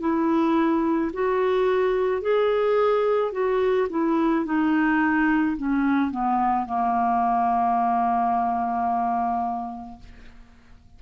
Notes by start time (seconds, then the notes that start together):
0.00 E4
1.14 F#4
2.22 G#4
3.32 F#4
3.90 E4
4.45 D#4
5.57 C#4
6.11 B3
6.66 A#3